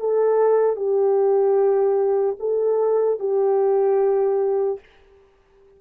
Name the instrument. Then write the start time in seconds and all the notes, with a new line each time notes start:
horn
0.00 A4
0.76 G4
2.40 A4
3.20 G4